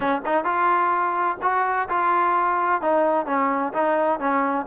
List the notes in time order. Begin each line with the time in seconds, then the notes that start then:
0.00 C#4
0.25 D#4
0.44 F4
1.42 F#4
1.89 F4
2.81 D#4
3.26 C#4
3.73 D#4
4.19 C#4